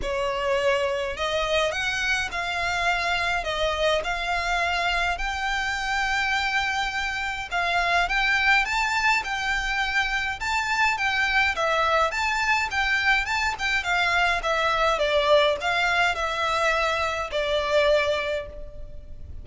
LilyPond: \new Staff \with { instrumentName = "violin" } { \time 4/4 \tempo 4 = 104 cis''2 dis''4 fis''4 | f''2 dis''4 f''4~ | f''4 g''2.~ | g''4 f''4 g''4 a''4 |
g''2 a''4 g''4 | e''4 a''4 g''4 a''8 g''8 | f''4 e''4 d''4 f''4 | e''2 d''2 | }